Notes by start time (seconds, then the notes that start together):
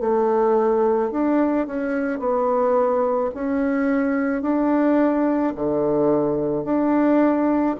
0.00 A3
1.11 D4
1.67 C#4
2.19 B3
3.34 C#4
4.42 D4
5.56 D3
6.64 D4